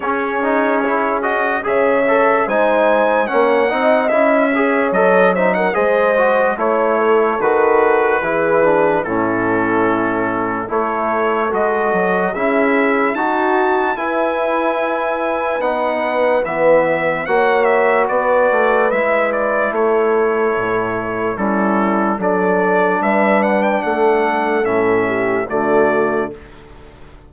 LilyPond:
<<
  \new Staff \with { instrumentName = "trumpet" } { \time 4/4 \tempo 4 = 73 cis''4. dis''8 e''4 gis''4 | fis''4 e''4 dis''8 e''16 fis''16 dis''4 | cis''4 b'2 a'4~ | a'4 cis''4 dis''4 e''4 |
a''4 gis''2 fis''4 | e''4 fis''8 e''8 d''4 e''8 d''8 | cis''2 a'4 d''4 | e''8 fis''16 g''16 fis''4 e''4 d''4 | }
  \new Staff \with { instrumentName = "horn" } { \time 4/4 gis'2 cis''4 c''4 | cis''8 dis''4 cis''4 c''16 ais'16 c''4 | cis''8 a'4. gis'4 e'4~ | e'4 a'2 gis'4 |
fis'4 b'2.~ | b'4 cis''4 b'2 | a'2 e'4 a'4 | b'4 a'4. g'8 fis'4 | }
  \new Staff \with { instrumentName = "trombone" } { \time 4/4 cis'8 dis'8 e'8 fis'8 gis'8 a'8 dis'4 | cis'8 dis'8 e'8 gis'8 a'8 dis'8 gis'8 fis'8 | e'4 fis'4 e'8 d'8 cis'4~ | cis'4 e'4 fis'4 e'4 |
fis'4 e'2 dis'4 | b4 fis'2 e'4~ | e'2 cis'4 d'4~ | d'2 cis'4 a4 | }
  \new Staff \with { instrumentName = "bassoon" } { \time 4/4 cis'2 cis4 gis4 | ais8 c'8 cis'4 fis4 gis4 | a4 dis4 e4 a,4~ | a,4 a4 gis8 fis8 cis'4 |
dis'4 e'2 b4 | e4 ais4 b8 a8 gis4 | a4 a,4 g4 fis4 | g4 a4 a,4 d4 | }
>>